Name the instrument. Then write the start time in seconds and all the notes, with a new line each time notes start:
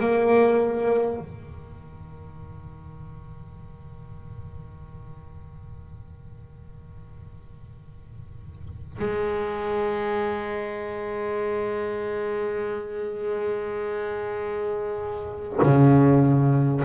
double bass
0.00 A#3
1.19 D#3
8.98 G#3
15.62 C#3